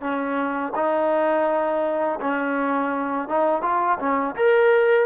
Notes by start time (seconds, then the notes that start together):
0.00 C#4
0.75 D#4
2.20 C#4
3.28 D#4
3.62 F4
3.99 C#4
4.36 A#4